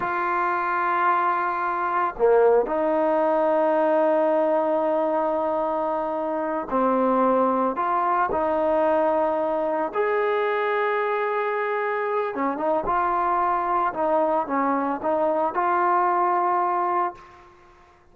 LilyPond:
\new Staff \with { instrumentName = "trombone" } { \time 4/4 \tempo 4 = 112 f'1 | ais4 dis'2.~ | dis'1~ | dis'8 c'2 f'4 dis'8~ |
dis'2~ dis'8 gis'4.~ | gis'2. cis'8 dis'8 | f'2 dis'4 cis'4 | dis'4 f'2. | }